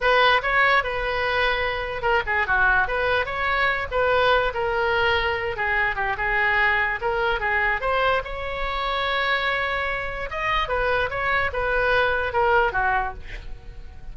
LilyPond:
\new Staff \with { instrumentName = "oboe" } { \time 4/4 \tempo 4 = 146 b'4 cis''4 b'2~ | b'4 ais'8 gis'8 fis'4 b'4 | cis''4. b'4. ais'4~ | ais'4. gis'4 g'8 gis'4~ |
gis'4 ais'4 gis'4 c''4 | cis''1~ | cis''4 dis''4 b'4 cis''4 | b'2 ais'4 fis'4 | }